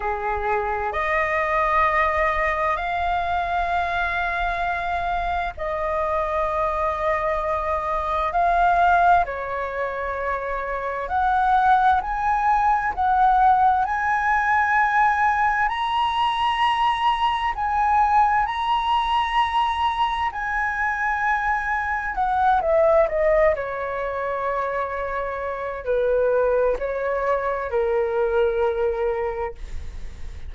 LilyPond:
\new Staff \with { instrumentName = "flute" } { \time 4/4 \tempo 4 = 65 gis'4 dis''2 f''4~ | f''2 dis''2~ | dis''4 f''4 cis''2 | fis''4 gis''4 fis''4 gis''4~ |
gis''4 ais''2 gis''4 | ais''2 gis''2 | fis''8 e''8 dis''8 cis''2~ cis''8 | b'4 cis''4 ais'2 | }